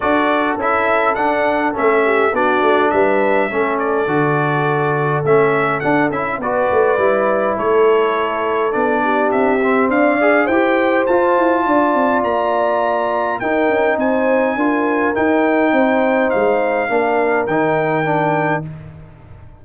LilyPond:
<<
  \new Staff \with { instrumentName = "trumpet" } { \time 4/4 \tempo 4 = 103 d''4 e''4 fis''4 e''4 | d''4 e''4. d''4.~ | d''4 e''4 fis''8 e''8 d''4~ | d''4 cis''2 d''4 |
e''4 f''4 g''4 a''4~ | a''4 ais''2 g''4 | gis''2 g''2 | f''2 g''2 | }
  \new Staff \with { instrumentName = "horn" } { \time 4/4 a'2.~ a'8 g'8 | fis'4 b'4 a'2~ | a'2. b'4~ | b'4 a'2~ a'8 g'8~ |
g'4 d''4 c''2 | d''2. ais'4 | c''4 ais'2 c''4~ | c''4 ais'2. | }
  \new Staff \with { instrumentName = "trombone" } { \time 4/4 fis'4 e'4 d'4 cis'4 | d'2 cis'4 fis'4~ | fis'4 cis'4 d'8 e'8 fis'4 | e'2. d'4~ |
d'8 c'4 gis'8 g'4 f'4~ | f'2. dis'4~ | dis'4 f'4 dis'2~ | dis'4 d'4 dis'4 d'4 | }
  \new Staff \with { instrumentName = "tuba" } { \time 4/4 d'4 cis'4 d'4 a4 | b8 a8 g4 a4 d4~ | d4 a4 d'8 cis'8 b8 a8 | g4 a2 b4 |
c'4 d'4 e'4 f'8 e'8 | d'8 c'8 ais2 dis'8 cis'8 | c'4 d'4 dis'4 c'4 | gis4 ais4 dis2 | }
>>